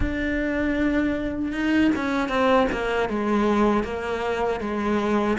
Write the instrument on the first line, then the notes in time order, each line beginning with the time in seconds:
cello
0.00 D4
1.52 D#4
1.95 C#4
2.28 C4
2.72 A#3
3.09 G#3
3.83 A#3
4.60 G#3